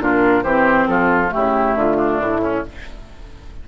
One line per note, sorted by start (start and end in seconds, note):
0.00 0.43 A#2
0.00 0.45 D4
0.00 0.43 F4
0.00 0.43 A#4
0.43 0.87 E3
0.43 1.29 C4
0.43 0.87 G4
0.43 0.87 C5
0.87 1.31 F3
0.87 1.34 F4
0.87 1.31 A4
1.29 2.61 A3
1.29 1.96 E4
1.29 1.77 G4
1.36 1.75 C#3
1.75 2.19 D3
1.75 2.22 F4
1.96 2.40 D4
2.20 2.64 A2
2.20 2.68 E4
2.42 2.64 C#4